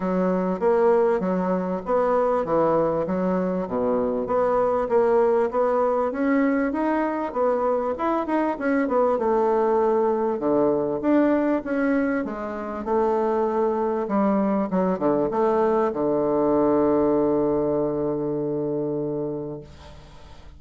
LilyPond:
\new Staff \with { instrumentName = "bassoon" } { \time 4/4 \tempo 4 = 98 fis4 ais4 fis4 b4 | e4 fis4 b,4 b4 | ais4 b4 cis'4 dis'4 | b4 e'8 dis'8 cis'8 b8 a4~ |
a4 d4 d'4 cis'4 | gis4 a2 g4 | fis8 d8 a4 d2~ | d1 | }